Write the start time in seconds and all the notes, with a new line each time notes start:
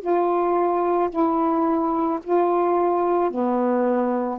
0.00 F4
1.10 E4
2.24 F4
3.30 B3